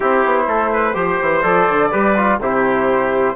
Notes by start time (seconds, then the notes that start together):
0.00 C4 E4 G4 C5
0.25 B3
0.47 A3 A4
0.72 B4
0.94 F3 G4 C5
1.21 E3
1.42 F3 A4 D5
1.68 D3
1.91 G3 G4 B4
2.16 F4
2.39 C3 E4 G4 C5